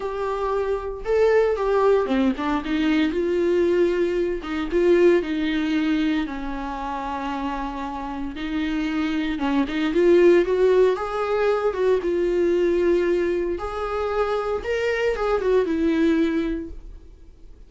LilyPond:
\new Staff \with { instrumentName = "viola" } { \time 4/4 \tempo 4 = 115 g'2 a'4 g'4 | c'8 d'8 dis'4 f'2~ | f'8 dis'8 f'4 dis'2 | cis'1 |
dis'2 cis'8 dis'8 f'4 | fis'4 gis'4. fis'8 f'4~ | f'2 gis'2 | ais'4 gis'8 fis'8 e'2 | }